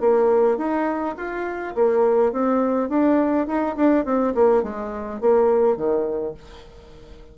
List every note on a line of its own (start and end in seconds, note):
0.00 0.57 A#3
0.57 1.15 D#4
1.17 1.74 F4
1.75 2.32 A#3
2.32 2.89 C4
2.89 3.47 D4
3.47 3.76 D#4
3.76 4.05 D4
4.05 4.33 C4
4.34 4.63 A#3
4.63 5.21 G#3
5.21 5.76 A#3
5.76 6.34 D#3